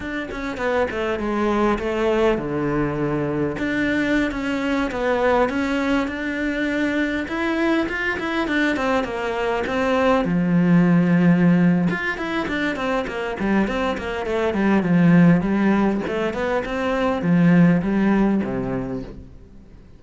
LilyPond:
\new Staff \with { instrumentName = "cello" } { \time 4/4 \tempo 4 = 101 d'8 cis'8 b8 a8 gis4 a4 | d2 d'4~ d'16 cis'8.~ | cis'16 b4 cis'4 d'4.~ d'16~ | d'16 e'4 f'8 e'8 d'8 c'8 ais8.~ |
ais16 c'4 f2~ f8. | f'8 e'8 d'8 c'8 ais8 g8 c'8 ais8 | a8 g8 f4 g4 a8 b8 | c'4 f4 g4 c4 | }